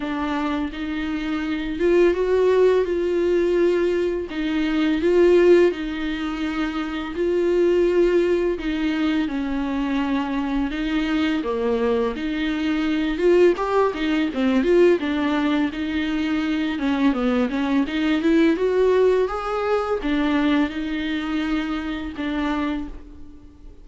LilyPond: \new Staff \with { instrumentName = "viola" } { \time 4/4 \tempo 4 = 84 d'4 dis'4. f'8 fis'4 | f'2 dis'4 f'4 | dis'2 f'2 | dis'4 cis'2 dis'4 |
ais4 dis'4. f'8 g'8 dis'8 | c'8 f'8 d'4 dis'4. cis'8 | b8 cis'8 dis'8 e'8 fis'4 gis'4 | d'4 dis'2 d'4 | }